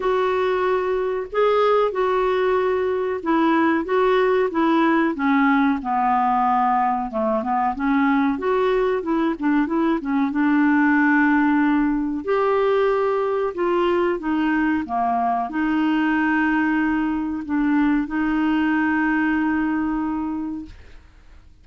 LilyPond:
\new Staff \with { instrumentName = "clarinet" } { \time 4/4 \tempo 4 = 93 fis'2 gis'4 fis'4~ | fis'4 e'4 fis'4 e'4 | cis'4 b2 a8 b8 | cis'4 fis'4 e'8 d'8 e'8 cis'8 |
d'2. g'4~ | g'4 f'4 dis'4 ais4 | dis'2. d'4 | dis'1 | }